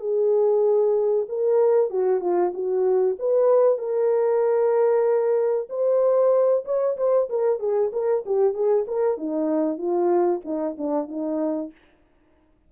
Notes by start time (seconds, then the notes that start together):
0.00 G#4
1.29 A#4
1.90 F#4
2.21 F4
2.53 F#4
3.19 B4
3.78 A#4
5.69 C5
6.65 C#5
6.97 C5
7.29 A#4
7.59 G#4
7.93 A#4
8.26 G4
8.54 G#4
8.88 A#4
9.18 D#4
9.78 F4
10.44 D#4
10.78 D4
11.08 D#4